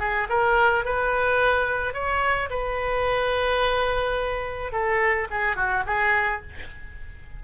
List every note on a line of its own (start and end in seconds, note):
0.00 0.28 G#4
0.30 0.85 A#4
0.85 1.94 B4
1.94 2.49 C#5
2.50 4.72 B4
4.72 5.28 A4
5.31 5.56 G#4
5.56 5.84 F#4
5.86 6.42 G#4